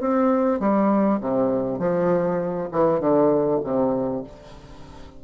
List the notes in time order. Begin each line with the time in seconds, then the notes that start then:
0.00 C4
0.59 G3
1.21 C3
1.79 F3
2.72 E3
3.00 D3
3.64 C3